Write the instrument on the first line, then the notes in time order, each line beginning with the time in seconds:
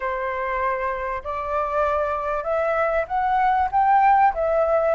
flute
0.00 C5
1.23 D5
2.43 E5
3.07 F#5
3.71 G5
4.34 E5